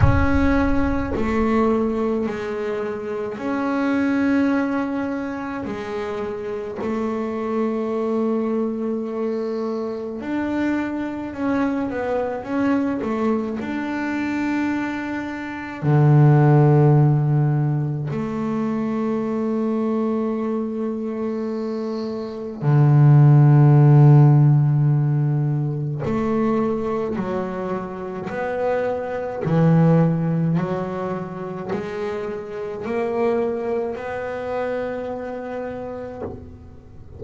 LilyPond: \new Staff \with { instrumentName = "double bass" } { \time 4/4 \tempo 4 = 53 cis'4 a4 gis4 cis'4~ | cis'4 gis4 a2~ | a4 d'4 cis'8 b8 cis'8 a8 | d'2 d2 |
a1 | d2. a4 | fis4 b4 e4 fis4 | gis4 ais4 b2 | }